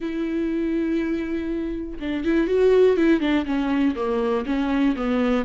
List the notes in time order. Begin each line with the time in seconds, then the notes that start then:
0.00 E4
1.99 D4
2.24 E4
2.47 F#4
2.97 E4
3.20 D4
3.45 C#4
3.95 A#3
4.46 C#4
4.96 B3